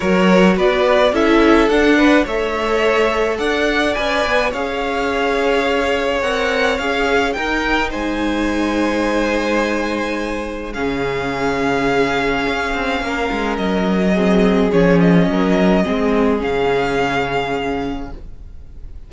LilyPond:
<<
  \new Staff \with { instrumentName = "violin" } { \time 4/4 \tempo 4 = 106 cis''4 d''4 e''4 fis''4 | e''2 fis''4 gis''4 | f''2. fis''4 | f''4 g''4 gis''2~ |
gis''2. f''4~ | f''1 | dis''2 cis''8 dis''4.~ | dis''4 f''2. | }
  \new Staff \with { instrumentName = "violin" } { \time 4/4 ais'4 b'4 a'4. b'8 | cis''2 d''2 | cis''1~ | cis''4 ais'4 c''2~ |
c''2. gis'4~ | gis'2. ais'4~ | ais'4 gis'2 ais'4 | gis'1 | }
  \new Staff \with { instrumentName = "viola" } { \time 4/4 fis'2 e'4 d'4 | a'2. b'4 | gis'2. ais'4 | gis'4 dis'2.~ |
dis'2. cis'4~ | cis'1~ | cis'4 c'4 cis'2 | c'4 cis'2. | }
  \new Staff \with { instrumentName = "cello" } { \time 4/4 fis4 b4 cis'4 d'4 | a2 d'4 cis'8 b8 | cis'2. c'4 | cis'4 dis'4 gis2~ |
gis2. cis4~ | cis2 cis'8 c'8 ais8 gis8 | fis2 f4 fis4 | gis4 cis2. | }
>>